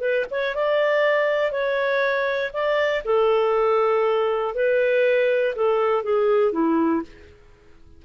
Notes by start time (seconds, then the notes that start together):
0.00 B4
0.30 C#5
0.54 D5
1.51 C#5
2.52 D5
3.04 A4
4.54 B4
5.55 A4
6.03 G#4
6.52 E4